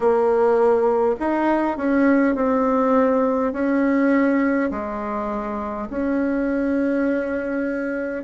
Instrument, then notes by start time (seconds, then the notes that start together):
bassoon
0.00 A#3
1.19 D#4
1.76 C#4
2.35 C4
3.52 C#4
4.71 G#3
5.90 C#4